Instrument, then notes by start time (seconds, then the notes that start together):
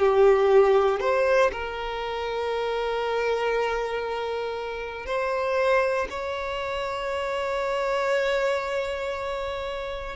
violin
0.00 G4
1.01 C5
1.53 A#4
5.07 C5
6.10 C#5